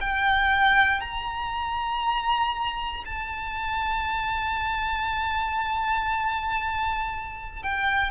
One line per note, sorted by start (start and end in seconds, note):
0.00 1.00 G5
1.00 3.04 A#5
3.05 7.62 A5
7.62 8.11 G5